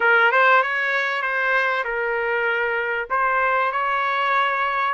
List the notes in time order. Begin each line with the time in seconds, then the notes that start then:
0.00 A#4
0.31 C5
0.62 C#5
1.22 C5
1.84 A#4
3.10 C5
3.72 C#5